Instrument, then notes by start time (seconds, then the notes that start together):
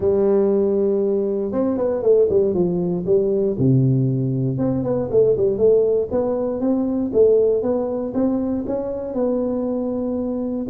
tuba
0.00 G3
1.52 C4
1.77 B3
2.02 A3
2.29 G3
2.54 F3
3.06 G3
3.58 C3
4.58 C4
4.83 B3
5.11 A3
5.37 G3
5.57 A3
6.11 B3
6.60 C4
7.13 A3
7.62 B3
8.14 C4
8.66 C#4
9.14 B3